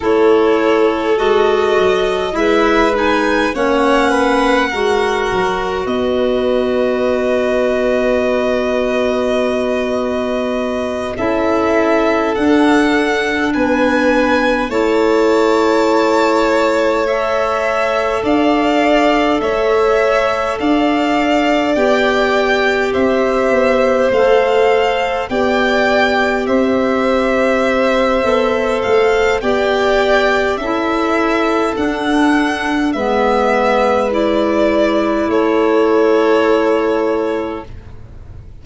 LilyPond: <<
  \new Staff \with { instrumentName = "violin" } { \time 4/4 \tempo 4 = 51 cis''4 dis''4 e''8 gis''8 fis''4~ | fis''4 dis''2.~ | dis''4. e''4 fis''4 gis''8~ | gis''8 a''2 e''4 f''8~ |
f''8 e''4 f''4 g''4 e''8~ | e''8 f''4 g''4 e''4.~ | e''8 f''8 g''4 e''4 fis''4 | e''4 d''4 cis''2 | }
  \new Staff \with { instrumentName = "violin" } { \time 4/4 a'2 b'4 cis''8 b'8 | ais'4 b'2.~ | b'4. a'2 b'8~ | b'8 cis''2. d''8~ |
d''8 cis''4 d''2 c''8~ | c''4. d''4 c''4.~ | c''4 d''4 a'2 | b'2 a'2 | }
  \new Staff \with { instrumentName = "clarinet" } { \time 4/4 e'4 fis'4 e'8 dis'8 cis'4 | fis'1~ | fis'4. e'4 d'4.~ | d'8 e'2 a'4.~ |
a'2~ a'8 g'4.~ | g'8 a'4 g'2~ g'8 | a'4 g'4 e'4 d'4 | b4 e'2. | }
  \new Staff \with { instrumentName = "tuba" } { \time 4/4 a4 gis8 fis8 gis4 ais4 | gis8 fis8 b2.~ | b4. cis'4 d'4 b8~ | b8 a2. d'8~ |
d'8 a4 d'4 b4 c'8 | b8 a4 b4 c'4. | b8 a8 b4 cis'4 d'4 | gis2 a2 | }
>>